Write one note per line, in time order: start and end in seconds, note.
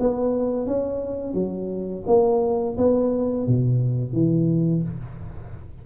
0.00 0.67 B3
0.67 1.34 C#4
1.34 2.04 F#3
2.07 2.77 A#3
2.78 3.47 B3
3.47 4.13 B2
4.13 4.83 E3